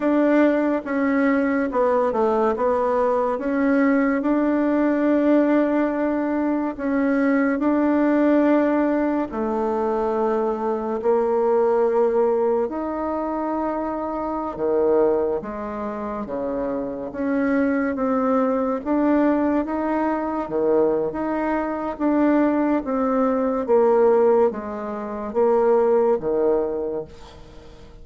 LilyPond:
\new Staff \with { instrumentName = "bassoon" } { \time 4/4 \tempo 4 = 71 d'4 cis'4 b8 a8 b4 | cis'4 d'2. | cis'4 d'2 a4~ | a4 ais2 dis'4~ |
dis'4~ dis'16 dis4 gis4 cis8.~ | cis16 cis'4 c'4 d'4 dis'8.~ | dis'16 dis8. dis'4 d'4 c'4 | ais4 gis4 ais4 dis4 | }